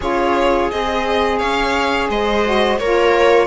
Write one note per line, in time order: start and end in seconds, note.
0.00 0.70 C#4
0.00 0.71 F4
0.00 1.39 G#4
0.00 0.70 C#5
0.70 1.41 C4
0.70 2.43 G#4
0.70 1.38 D#5
1.38 2.09 C#4
1.38 2.08 C#5
1.38 2.08 F5
2.09 2.78 G#3
2.09 2.80 C5
2.09 2.77 D#5
2.43 2.78 F#4
2.77 3.46 A#3
2.77 3.46 F4
2.77 3.46 A#4
2.77 3.46 C#5